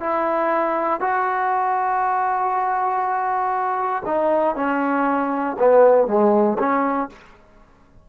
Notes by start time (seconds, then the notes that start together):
0.00 E4
1.00 F#4
4.05 D#4
4.56 C#4
5.59 B3
6.07 G#3
6.59 C#4